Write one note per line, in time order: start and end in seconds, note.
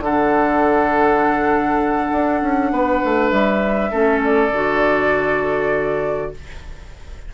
0.00 2.10 D3
0.00 3.92 D4
0.00 2.73 A4
0.00 3.31 F#5
2.12 2.42 D4
2.42 2.72 C#4
2.72 3.02 B3
2.72 3.91 B4
3.05 3.32 A3
3.31 3.92 G3
3.31 4.21 E5
3.91 4.52 A3
3.91 4.52 C#4
3.91 6.31 A4
4.25 6.34 D5
4.52 6.32 D3
4.52 6.35 F#4